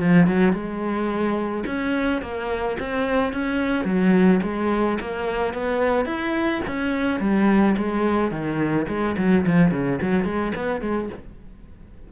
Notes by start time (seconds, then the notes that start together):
0.00 F3
0.27 F#3
0.53 G#3
1.66 C#4
2.22 A#3
2.80 C4
3.33 C#4
3.85 F#3
4.43 G#3
5.01 A#3
5.54 B3
6.06 E4
6.68 C#4
7.20 G3
7.78 G#3
8.31 D#3
8.88 G#3
9.18 F#3
9.47 F3
9.72 C#3
10.02 F#3
10.25 G#3
10.56 B3
10.82 G#3